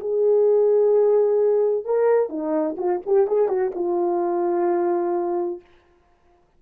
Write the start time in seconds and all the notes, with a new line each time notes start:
0.00 G#4
1.84 A#4
2.29 D#4
2.77 F4
3.06 G4
3.27 G#4
3.48 F#4
3.75 F4